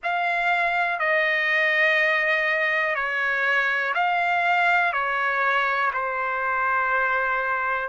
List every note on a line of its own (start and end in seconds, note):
0.03 0.99 F5
0.99 2.95 D#5
2.95 3.93 C#5
3.94 4.92 F5
4.92 5.91 C#5
5.93 7.88 C5